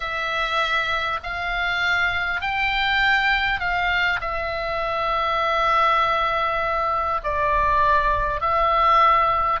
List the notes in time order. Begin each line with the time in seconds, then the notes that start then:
0.00 E5
1.23 F5
2.41 G5
3.60 F5
4.20 E5
7.23 D5
8.40 E5